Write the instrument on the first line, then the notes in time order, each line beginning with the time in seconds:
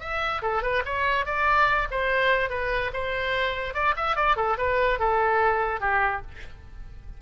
oboe
0.00 E5
0.42 A4
0.62 B4
0.85 C#5
1.25 D5
1.91 C5
2.50 B4
2.93 C5
3.74 D5
3.96 E5
4.16 D5
4.36 A4
4.58 B4
4.99 A4
5.80 G4